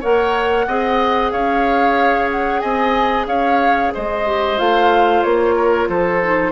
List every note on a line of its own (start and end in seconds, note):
0.00 0.66 A#3
0.00 0.67 A#4
0.00 0.65 C#5
0.00 1.31 F#5
0.66 1.32 C4
0.66 4.25 G#4
0.66 1.32 D#5
1.31 2.63 C#4
1.31 2.60 C#5
1.31 2.29 F5
2.31 2.60 F#5
2.60 3.26 C4
2.60 3.26 D#5
2.60 3.25 G#5
3.26 3.91 C#4
3.26 3.93 C#5
3.26 3.92 F5
3.93 4.59 G#3
3.93 5.55 C5
3.93 4.58 D#5
4.25 4.58 G4
4.58 5.24 A3
4.58 6.21 F4
4.58 5.23 F5
5.23 5.88 A#3
5.23 5.88 C#5
5.55 5.88 A#4
5.88 6.52 F3
5.88 6.52 A4
5.88 6.52 C5
6.22 6.52 D#4